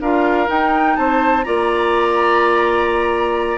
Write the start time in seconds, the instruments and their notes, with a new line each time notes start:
0.00 bassoon D4, clarinet F4, oboe A#4, flute F5
0.46 clarinet D#4, bassoon D#4, flute G5
0.96 bassoon C4, oboe C5, flute A5
1.43 bassoon A#3, clarinet F4, oboe D5, flute A#5